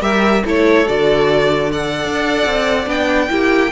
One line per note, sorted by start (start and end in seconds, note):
0.00 0.43 G3
0.00 0.42 G4
0.00 0.44 A#4
0.00 0.44 E5
0.44 0.87 A3
0.44 0.86 E4
0.44 1.71 A4
0.44 0.87 C#5
0.86 2.04 D3
0.86 1.71 F#4
0.86 1.72 D5
1.71 2.85 A4
1.71 3.29 D5
1.71 2.89 F#5
2.05 2.46 D4
2.46 2.86 C4
2.85 3.29 B3
2.85 3.28 D4
2.85 3.72 G5
3.28 3.72 A#3
3.28 3.71 E4
3.28 3.72 G4